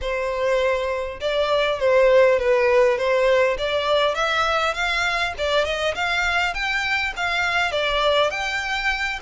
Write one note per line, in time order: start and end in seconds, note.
0.01 1.20 C5
1.20 1.79 D5
1.79 2.39 C5
2.39 2.97 B4
2.97 3.57 C5
3.58 4.14 D5
4.14 4.74 E5
4.74 5.33 F5
5.38 5.64 D5
5.64 5.94 D#5
5.94 6.53 F5
6.53 7.13 G5
7.16 7.71 F5
7.71 8.30 D5
8.30 9.19 G5